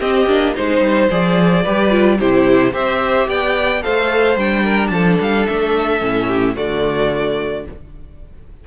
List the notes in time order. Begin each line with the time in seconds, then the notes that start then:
0.00 C4 G4 D#5
0.27 A#3 D4
0.55 G#3 D#4 C5
0.81 G3
1.11 F3 G#4 D5
1.64 G3 G4 B4
1.90 F4
2.20 C3 E4 G4 C5
2.72 C4 G4 C5 E5
3.28 B3 D5 G5
3.83 A3 A4 C5 F5
4.37 G3 D4 G5
4.64 A#4
4.88 F3 A4 A5
5.21 G3 F5
5.47 A3 E5
6.00 A2 C#4
6.27 G4
6.55 D3 A3 F#4 D5